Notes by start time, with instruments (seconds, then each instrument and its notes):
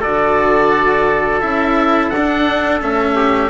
0.00 bassoon D3, cello F#4, trumpet A4, oboe D5
1.41 bassoon C#4, cello E4, oboe E5
2.09 bassoon D4, oboe F#5
2.16 cello D4
2.81 bassoon A3, cello C#4, oboe E5
3.15 trumpet G4